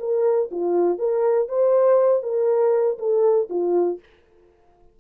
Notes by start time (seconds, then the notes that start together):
0.00 A#4
0.52 F4
0.99 A#4
1.49 C5
2.23 A#4
2.99 A4
3.50 F4